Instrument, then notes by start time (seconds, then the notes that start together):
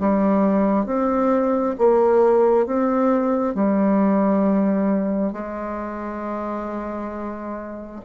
bassoon
0.00 G3
0.86 C4
1.78 A#3
2.66 C4
3.55 G3
5.33 G#3